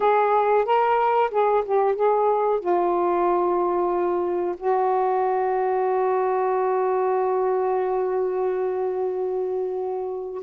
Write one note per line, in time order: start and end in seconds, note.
0.00 0.65 G#4
0.65 1.30 A#4
1.30 1.63 G#4
1.65 1.95 G4
1.95 2.60 G#4
2.60 4.55 F4
4.57 10.42 F#4